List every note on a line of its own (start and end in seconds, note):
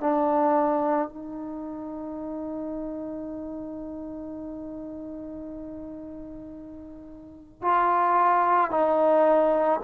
0.00 1.09 D4
1.09 7.62 D#4
7.62 8.70 F4
8.70 9.79 D#4